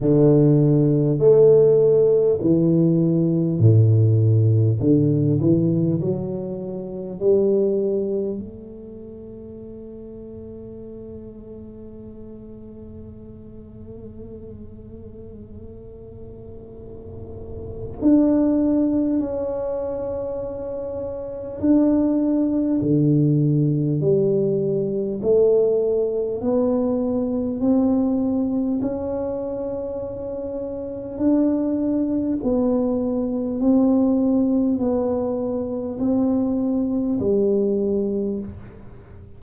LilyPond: \new Staff \with { instrumentName = "tuba" } { \time 4/4 \tempo 4 = 50 d4 a4 e4 a,4 | d8 e8 fis4 g4 a4~ | a1~ | a2. d'4 |
cis'2 d'4 d4 | g4 a4 b4 c'4 | cis'2 d'4 b4 | c'4 b4 c'4 g4 | }